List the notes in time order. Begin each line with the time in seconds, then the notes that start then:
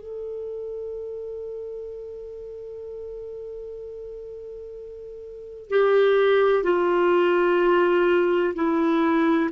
0.00 A4
5.70 G4
6.64 F4
8.55 E4